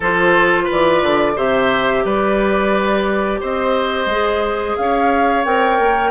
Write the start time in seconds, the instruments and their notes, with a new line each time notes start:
0.00 bassoon F3, clarinet F4, oboe A4, flute C5
0.63 oboe B4
0.71 bassoon E3, flute D5
1.02 bassoon D3
1.36 bassoon C3, clarinet G4, oboe C5, flute E5
2.04 bassoon G3, oboe B4, flute D5
3.40 bassoon C4, oboe C5, flute D#5
4.06 bassoon G#3, clarinet G#4
4.76 bassoon C#4, oboe C#5, flute F5
5.44 bassoon C4, clarinet A#4, flute G5
5.79 bassoon A#3